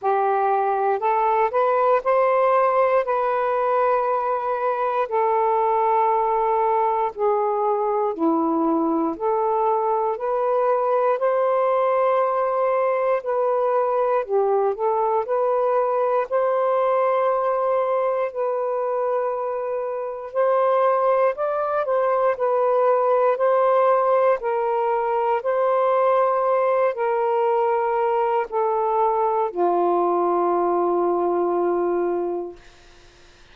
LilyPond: \new Staff \with { instrumentName = "saxophone" } { \time 4/4 \tempo 4 = 59 g'4 a'8 b'8 c''4 b'4~ | b'4 a'2 gis'4 | e'4 a'4 b'4 c''4~ | c''4 b'4 g'8 a'8 b'4 |
c''2 b'2 | c''4 d''8 c''8 b'4 c''4 | ais'4 c''4. ais'4. | a'4 f'2. | }